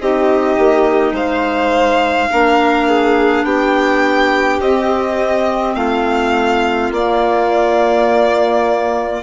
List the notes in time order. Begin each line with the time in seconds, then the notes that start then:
0.00 C4 D#4 G4 D#5
0.58 A#3
1.12 G#3 C5 F5
2.32 A#3 D4 A#4
2.88 G#4
3.44 B3 G4 G5
4.60 C4 D#5
5.75 A3 F4 F5
6.91 A#3 D5